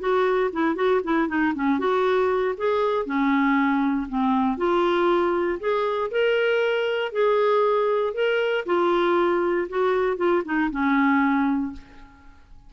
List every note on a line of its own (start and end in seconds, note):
0.00 0.51 F#4
0.53 0.76 E4
0.76 1.01 F#4
1.04 1.29 E4
1.29 1.54 D#4
1.55 1.79 C#4
1.79 2.56 F#4
2.58 3.06 G#4
3.06 4.08 C#4
4.09 4.58 C4
4.58 5.59 F4
5.60 6.11 G#4
6.12 7.12 A#4
7.12 8.14 G#4
8.14 8.65 A#4
8.66 9.68 F4
9.69 10.17 F#4
10.17 10.43 F4
10.45 10.71 D#4
10.71 11.73 C#4